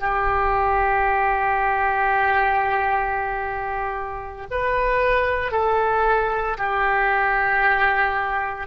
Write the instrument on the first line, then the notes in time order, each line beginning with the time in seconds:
oboe
0.00 G4
4.51 B4
5.52 A4
6.58 G4